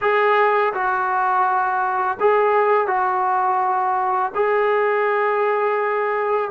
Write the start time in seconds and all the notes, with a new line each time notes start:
0.01 G#4
0.73 F#4
2.19 G#4
2.87 F#4
4.34 G#4